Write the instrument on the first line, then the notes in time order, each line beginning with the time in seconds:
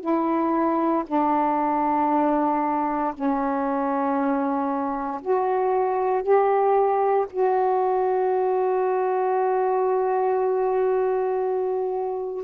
saxophone
0.00 E4
1.07 D4
3.14 C#4
5.21 F#4
6.23 G4
7.30 F#4